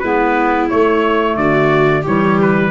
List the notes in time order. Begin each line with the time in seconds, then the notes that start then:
0.00 G#3 B3 E4 B4
0.70 A3 C#5
1.36 D3 F#4 D5
2.02 E3 G3 G4 C#5
2.41 B4